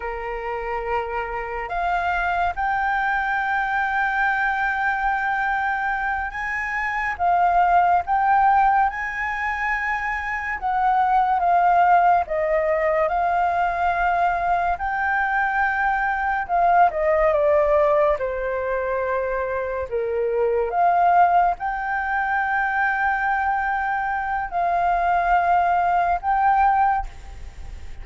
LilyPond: \new Staff \with { instrumentName = "flute" } { \time 4/4 \tempo 4 = 71 ais'2 f''4 g''4~ | g''2.~ g''8 gis''8~ | gis''8 f''4 g''4 gis''4.~ | gis''8 fis''4 f''4 dis''4 f''8~ |
f''4. g''2 f''8 | dis''8 d''4 c''2 ais'8~ | ais'8 f''4 g''2~ g''8~ | g''4 f''2 g''4 | }